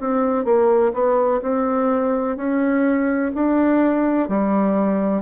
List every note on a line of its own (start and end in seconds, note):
0.00 0.45 C4
0.45 0.92 A#3
0.94 1.41 B3
1.42 2.37 C4
2.37 3.32 C#4
3.35 4.29 D4
4.29 5.23 G3